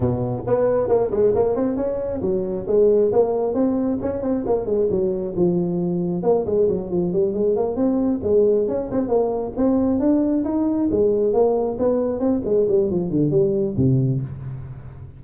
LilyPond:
\new Staff \with { instrumentName = "tuba" } { \time 4/4 \tempo 4 = 135 b,4 b4 ais8 gis8 ais8 c'8 | cis'4 fis4 gis4 ais4 | c'4 cis'8 c'8 ais8 gis8 fis4 | f2 ais8 gis8 fis8 f8 |
g8 gis8 ais8 c'4 gis4 cis'8 | c'8 ais4 c'4 d'4 dis'8~ | dis'8 gis4 ais4 b4 c'8 | gis8 g8 f8 d8 g4 c4 | }